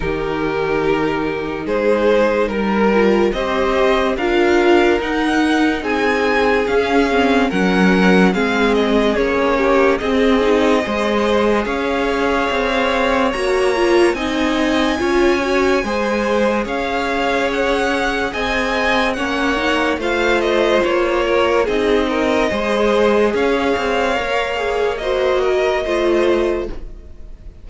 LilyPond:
<<
  \new Staff \with { instrumentName = "violin" } { \time 4/4 \tempo 4 = 72 ais'2 c''4 ais'4 | dis''4 f''4 fis''4 gis''4 | f''4 fis''4 f''8 dis''8 cis''4 | dis''2 f''2 |
ais''4 gis''2. | f''4 fis''4 gis''4 fis''4 | f''8 dis''8 cis''4 dis''2 | f''2 dis''2 | }
  \new Staff \with { instrumentName = "violin" } { \time 4/4 g'2 gis'4 ais'4 | c''4 ais'2 gis'4~ | gis'4 ais'4 gis'4. g'8 | gis'4 c''4 cis''2~ |
cis''4 dis''4 cis''4 c''4 | cis''2 dis''4 cis''4 | c''4. ais'8 gis'8 ais'8 c''4 | cis''2 c''8 ais'8 c''4 | }
  \new Staff \with { instrumentName = "viola" } { \time 4/4 dis'2.~ dis'8 f'8 | g'4 f'4 dis'2 | cis'8 c'8 cis'4 c'4 cis'4 | c'8 dis'8 gis'2. |
fis'8 f'8 dis'4 f'8 fis'8 gis'4~ | gis'2. cis'8 dis'8 | f'2 dis'4 gis'4~ | gis'4 ais'8 gis'8 fis'4 f'4 | }
  \new Staff \with { instrumentName = "cello" } { \time 4/4 dis2 gis4 g4 | c'4 d'4 dis'4 c'4 | cis'4 fis4 gis4 ais4 | c'4 gis4 cis'4 c'4 |
ais4 c'4 cis'4 gis4 | cis'2 c'4 ais4 | a4 ais4 c'4 gis4 | cis'8 c'8 ais2 a4 | }
>>